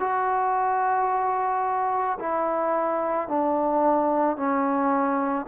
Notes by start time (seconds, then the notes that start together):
0.00 F#4
2.19 E4
3.28 D4
4.36 C#4